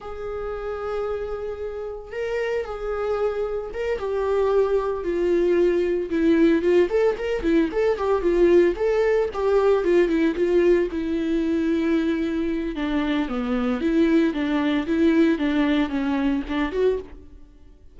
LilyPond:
\new Staff \with { instrumentName = "viola" } { \time 4/4 \tempo 4 = 113 gis'1 | ais'4 gis'2 ais'8 g'8~ | g'4. f'2 e'8~ | e'8 f'8 a'8 ais'8 e'8 a'8 g'8 f'8~ |
f'8 a'4 g'4 f'8 e'8 f'8~ | f'8 e'2.~ e'8 | d'4 b4 e'4 d'4 | e'4 d'4 cis'4 d'8 fis'8 | }